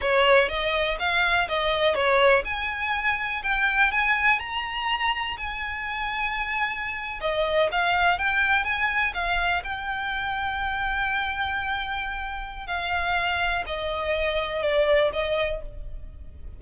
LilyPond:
\new Staff \with { instrumentName = "violin" } { \time 4/4 \tempo 4 = 123 cis''4 dis''4 f''4 dis''4 | cis''4 gis''2 g''4 | gis''4 ais''2 gis''4~ | gis''2~ gis''8. dis''4 f''16~ |
f''8. g''4 gis''4 f''4 g''16~ | g''1~ | g''2 f''2 | dis''2 d''4 dis''4 | }